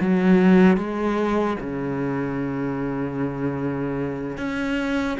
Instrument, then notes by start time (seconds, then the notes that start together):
cello
0.00 F#3
0.77 G#3
1.60 C#3
4.37 C#4